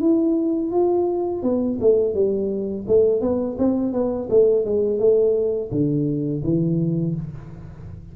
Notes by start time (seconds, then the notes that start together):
0.00 E4
0.71 F4
1.43 B3
1.81 A3
2.14 G3
2.87 A3
3.21 B3
3.58 C4
3.93 B3
4.30 A3
4.65 G#3
4.99 A3
5.71 D3
6.44 E3